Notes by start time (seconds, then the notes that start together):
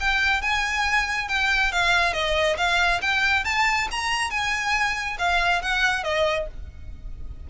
0.00 G5
0.42 G#5
1.28 G5
1.72 F5
2.13 D#5
2.57 F5
3.02 G5
3.44 A5
3.92 A#5
4.30 G#5
5.19 F5
5.62 F#5
6.04 D#5